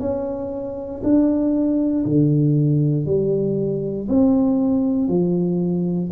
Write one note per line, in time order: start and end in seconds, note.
0.00 1.02 C#4
1.04 2.05 D4
2.06 3.06 D3
3.06 4.08 G3
4.09 5.08 C4
5.08 6.10 F3